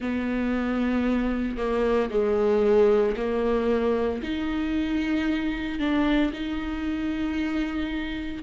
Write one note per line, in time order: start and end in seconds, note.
0.00 1.57 B3
1.57 2.10 A#3
2.10 3.15 G#3
3.16 4.21 A#3
4.22 5.79 D#4
5.79 6.32 D4
6.33 8.43 D#4